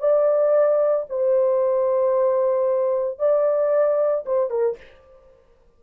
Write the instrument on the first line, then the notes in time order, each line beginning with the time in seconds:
horn
0.00 D5
1.10 C5
3.19 D5
4.26 C5
4.51 A#4